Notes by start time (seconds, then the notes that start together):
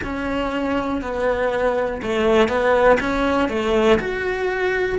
0.03 C#4
1.01 B3
2.02 A3
2.48 B3
3.00 C#4
3.49 A3
3.99 F#4